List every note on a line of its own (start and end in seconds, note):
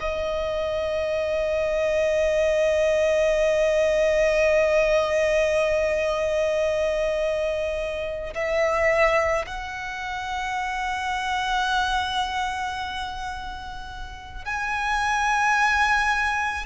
0.00 8.33 D#5
8.34 9.45 E5
9.46 14.44 F#5
14.44 16.65 G#5